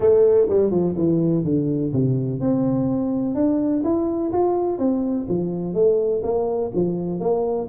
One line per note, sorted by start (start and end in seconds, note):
0.00 0.48 A3
0.49 0.70 G3
0.70 0.94 F3
0.97 1.44 E3
1.44 1.92 D3
1.92 2.40 C3
2.40 3.35 C4
3.35 3.83 D4
3.84 4.32 E4
4.32 4.78 F4
4.78 5.26 C4
5.28 5.74 F3
5.74 6.22 A3
6.23 6.71 A#3
6.74 7.20 F3
7.20 7.68 A#3